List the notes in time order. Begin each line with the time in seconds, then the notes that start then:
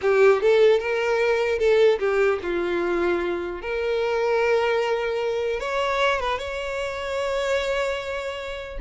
0.01 G4
0.41 A4
0.79 A#4
1.59 A4
1.99 G4
2.42 F4
3.61 A#4
5.59 C#5
6.20 B4
6.38 C#5